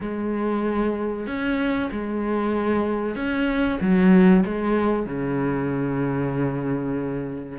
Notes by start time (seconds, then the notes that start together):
0.00 G#3
1.26 C#4
1.91 G#3
3.15 C#4
3.80 F#3
4.45 G#3
5.06 C#3